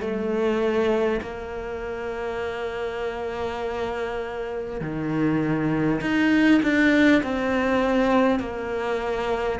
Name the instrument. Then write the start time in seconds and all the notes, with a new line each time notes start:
cello
0.00 A3
1.21 A#3
4.81 D#3
6.01 D#4
6.62 D4
7.23 C4
8.39 A#3